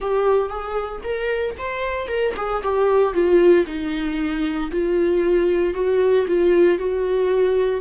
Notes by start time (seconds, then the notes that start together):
0.00 G4
0.49 G#4
1.03 A#4
1.58 C5
2.07 A#4
2.36 G#4
2.62 G4
3.13 F4
3.66 D#4
4.71 F4
5.74 F#4
6.27 F4
6.78 F#4